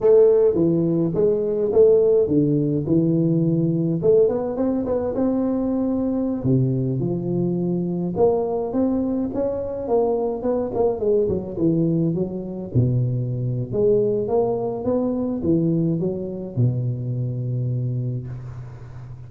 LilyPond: \new Staff \with { instrumentName = "tuba" } { \time 4/4 \tempo 4 = 105 a4 e4 gis4 a4 | d4 e2 a8 b8 | c'8 b8 c'2~ c'16 c8.~ | c16 f2 ais4 c'8.~ |
c'16 cis'4 ais4 b8 ais8 gis8 fis16~ | fis16 e4 fis4 b,4.~ b,16 | gis4 ais4 b4 e4 | fis4 b,2. | }